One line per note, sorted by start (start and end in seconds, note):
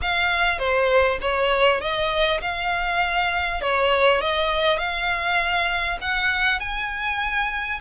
0.01 0.58 F5
0.58 1.18 C5
1.21 1.81 C#5
1.81 2.41 D#5
2.41 3.61 F5
3.61 4.21 C#5
4.21 4.78 D#5
4.78 5.98 F5
6.01 6.59 F#5
6.59 7.79 G#5